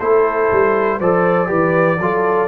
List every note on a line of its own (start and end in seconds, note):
0.00 0.51 A3
0.00 1.01 E4
0.00 0.98 A4
0.00 1.00 C5
0.52 1.00 G3
0.98 1.50 F3
0.98 1.47 A4
0.98 1.48 C5
0.98 2.48 D5
1.47 1.99 E3
1.47 1.97 G4
1.47 1.99 B4
1.99 2.48 F#3
1.99 2.48 F4
1.99 2.48 A4